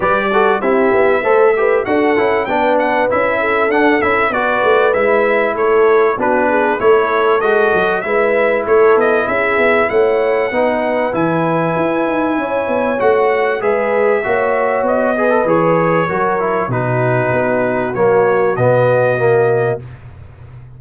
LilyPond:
<<
  \new Staff \with { instrumentName = "trumpet" } { \time 4/4 \tempo 4 = 97 d''4 e''2 fis''4 | g''8 fis''8 e''4 fis''8 e''8 d''4 | e''4 cis''4 b'4 cis''4 | dis''4 e''4 cis''8 dis''8 e''4 |
fis''2 gis''2~ | gis''4 fis''4 e''2 | dis''4 cis''2 b'4~ | b'4 cis''4 dis''2 | }
  \new Staff \with { instrumentName = "horn" } { \time 4/4 b'8 a'8 g'4 c''8 b'8 a'4 | b'4. a'4. b'4~ | b'4 a'4 fis'8 gis'8 a'4~ | a'4 b'4 a'4 gis'4 |
cis''4 b'2. | cis''2 b'4 cis''4~ | cis''8 b'4. ais'4 fis'4~ | fis'1 | }
  \new Staff \with { instrumentName = "trombone" } { \time 4/4 g'8 fis'8 e'4 a'8 g'8 fis'8 e'8 | d'4 e'4 d'8 e'8 fis'4 | e'2 d'4 e'4 | fis'4 e'2.~ |
e'4 dis'4 e'2~ | e'4 fis'4 gis'4 fis'4~ | fis'8 gis'16 a'16 gis'4 fis'8 e'8 dis'4~ | dis'4 ais4 b4 ais4 | }
  \new Staff \with { instrumentName = "tuba" } { \time 4/4 g4 c'8 b8 a4 d'8 cis'8 | b4 cis'4 d'8 cis'8 b8 a8 | gis4 a4 b4 a4 | gis8 fis8 gis4 a8 b8 cis'8 b8 |
a4 b4 e4 e'8 dis'8 | cis'8 b8 a4 gis4 ais4 | b4 e4 fis4 b,4 | b4 fis4 b,2 | }
>>